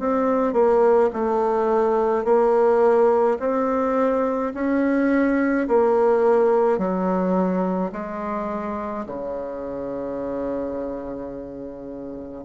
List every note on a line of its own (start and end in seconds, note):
0.00 0.54 C4
0.54 1.10 A#3
1.14 2.25 A3
2.25 3.38 A#3
3.40 4.53 C4
4.54 5.68 C#4
5.68 6.78 A#3
6.78 7.91 F#3
7.92 9.06 G#3
9.07 12.45 C#3